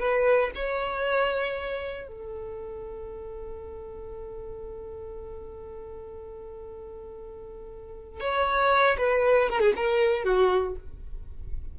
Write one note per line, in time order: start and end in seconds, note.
0.00 0.51 B4
0.55 2.08 C#5
2.08 8.21 A4
8.21 8.97 C#5
8.98 9.50 B4
9.50 9.61 A#4
9.61 9.73 G#4
9.76 10.24 A#4
10.24 10.76 F#4